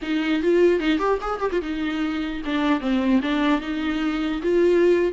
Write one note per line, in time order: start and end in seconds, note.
0.02 0.42 D#4
0.42 0.80 F4
0.80 0.98 D#4
0.98 1.18 G4
1.21 1.40 G#4
1.40 1.50 G4
1.51 1.61 F4
1.61 2.42 D#4
2.45 2.80 D4
2.80 3.20 C4
3.22 3.60 D4
3.60 4.41 D#4
4.41 5.12 F4